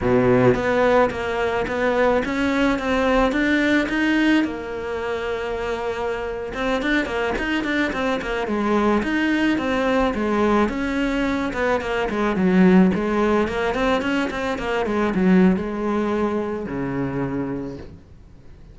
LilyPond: \new Staff \with { instrumentName = "cello" } { \time 4/4 \tempo 4 = 108 b,4 b4 ais4 b4 | cis'4 c'4 d'4 dis'4 | ais2.~ ais8. c'16~ | c'16 d'8 ais8 dis'8 d'8 c'8 ais8 gis8.~ |
gis16 dis'4 c'4 gis4 cis'8.~ | cis'8. b8 ais8 gis8 fis4 gis8.~ | gis16 ais8 c'8 cis'8 c'8 ais8 gis8 fis8. | gis2 cis2 | }